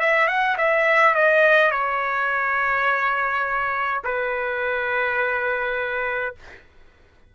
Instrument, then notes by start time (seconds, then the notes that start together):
trumpet
0.00 E5
0.28 F#5
0.58 E5
1.15 D#5
1.71 C#5
4.04 B4